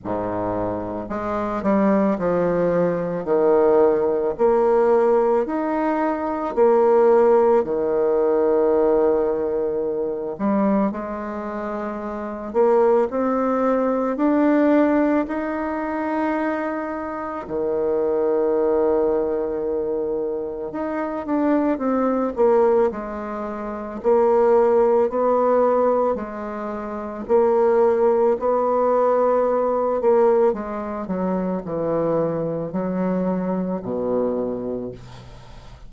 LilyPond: \new Staff \with { instrumentName = "bassoon" } { \time 4/4 \tempo 4 = 55 gis,4 gis8 g8 f4 dis4 | ais4 dis'4 ais4 dis4~ | dis4. g8 gis4. ais8 | c'4 d'4 dis'2 |
dis2. dis'8 d'8 | c'8 ais8 gis4 ais4 b4 | gis4 ais4 b4. ais8 | gis8 fis8 e4 fis4 b,4 | }